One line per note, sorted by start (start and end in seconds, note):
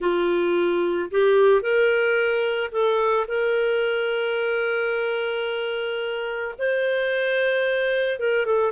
0.00 1.10 F4
1.11 1.61 G4
1.61 2.70 A#4
2.71 3.26 A4
3.27 6.55 A#4
6.58 8.19 C5
8.19 8.45 A#4
8.45 8.71 A4